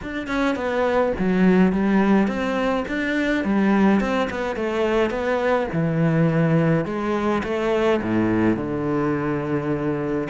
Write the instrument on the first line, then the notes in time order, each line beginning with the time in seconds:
cello
0.02 D4
0.27 C#4
0.55 B3
1.18 F#3
1.72 G3
2.27 C4
2.88 D4
3.44 G3
4.00 C4
4.29 B3
4.56 A3
5.10 B3
5.72 E3
6.85 G#3
7.43 A3
8.02 A2
8.56 D3